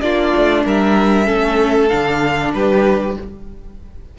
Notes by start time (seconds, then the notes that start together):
0.00 A#3 D4 F4 D5
0.36 A3
0.64 G3 A#4 E5
1.24 A3 C#4 A4
1.88 D3 D4 F5
2.53 G3 G4 B4